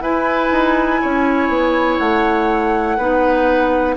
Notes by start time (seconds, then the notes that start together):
0.00 E4 B4 G#5
0.51 D#4
1.01 C#4 C#5
1.49 B3
1.98 A3 F#5
2.97 B3 D#4 B4